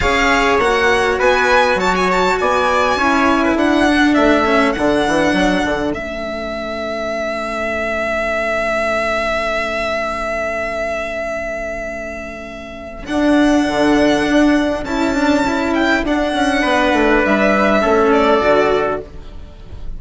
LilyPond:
<<
  \new Staff \with { instrumentName = "violin" } { \time 4/4 \tempo 4 = 101 f''4 fis''4 gis''4 a''16 gis''16 a''8 | gis''2 fis''4 e''4 | fis''2 e''2~ | e''1~ |
e''1~ | e''2 fis''2~ | fis''4 a''4. g''8 fis''4~ | fis''4 e''4. d''4. | }
  \new Staff \with { instrumentName = "trumpet" } { \time 4/4 cis''2 b'4 cis''4 | d''4 cis''8. b'16 a'2~ | a'1~ | a'1~ |
a'1~ | a'1~ | a'1 | b'2 a'2 | }
  \new Staff \with { instrumentName = "cello" } { \time 4/4 gis'4 fis'2.~ | fis'4 e'4. d'4 cis'8 | d'2 cis'2~ | cis'1~ |
cis'1~ | cis'2 d'2~ | d'4 e'8 d'8 e'4 d'4~ | d'2 cis'4 fis'4 | }
  \new Staff \with { instrumentName = "bassoon" } { \time 4/4 cis'4 ais4 b4 fis4 | b4 cis'4 d'4 a4 | d8 e8 fis8 d8 a2~ | a1~ |
a1~ | a2 d'4 d4 | d'4 cis'2 d'8 cis'8 | b8 a8 g4 a4 d4 | }
>>